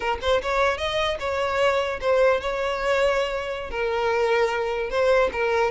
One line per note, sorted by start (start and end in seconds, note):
0.00 0.19 A#4
0.21 0.41 C5
0.41 0.77 C#5
0.77 1.17 D#5
1.19 1.99 C#5
2.01 2.40 C5
2.40 3.70 C#5
3.70 4.89 A#4
4.89 5.29 C5
5.32 5.70 A#4